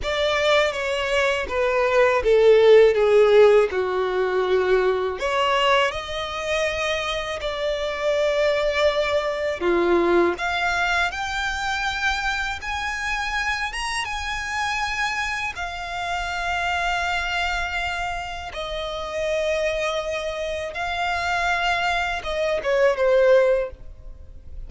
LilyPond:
\new Staff \with { instrumentName = "violin" } { \time 4/4 \tempo 4 = 81 d''4 cis''4 b'4 a'4 | gis'4 fis'2 cis''4 | dis''2 d''2~ | d''4 f'4 f''4 g''4~ |
g''4 gis''4. ais''8 gis''4~ | gis''4 f''2.~ | f''4 dis''2. | f''2 dis''8 cis''8 c''4 | }